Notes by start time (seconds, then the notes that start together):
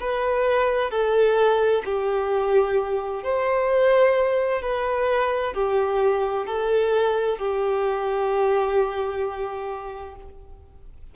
0.00 B4
0.91 A4
1.85 G4
3.23 C5
4.62 B4
5.54 G4
6.47 A4
7.38 G4